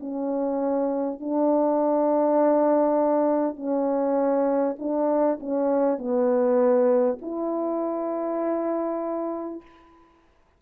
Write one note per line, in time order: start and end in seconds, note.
0.00 1.20 C#4
1.20 3.56 D4
3.56 4.76 C#4
4.79 5.39 D4
5.40 5.98 C#4
5.98 7.18 B3
7.22 9.61 E4